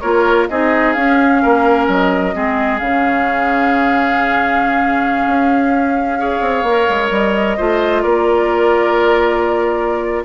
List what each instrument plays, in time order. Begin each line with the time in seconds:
0.00 bassoon A#3, clarinet F4, oboe A#4, flute C#5
0.49 bassoon C4, clarinet D#4, oboe G#4, flute D#5
0.93 bassoon C#4, clarinet C#4, flute F5
1.42 bassoon A#3, oboe A#4
1.88 bassoon F#3, flute D#5
2.33 bassoon G#3, clarinet C4, oboe G#4
2.78 bassoon C#3, clarinet C#4, flute F5
5.26 bassoon C#4
6.18 clarinet G#4, oboe C#5
6.40 bassoon C4
6.63 bassoon A#3, clarinet A#4
6.89 bassoon G#3
7.10 bassoon G3, flute D#5
7.57 bassoon A3, clarinet F4, oboe C5
8.02 bassoon A#3, oboe A#4, flute D5